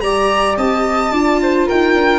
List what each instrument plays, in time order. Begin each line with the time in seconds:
0.00 tuba G3, viola G4, flute D5, violin A#5
0.57 tuba C4, flute D#5, violin A5
1.11 tuba D4, viola F4, flute D5
1.42 flute C5
1.67 tuba D#4, flute A#4, violin G5
1.94 tuba D4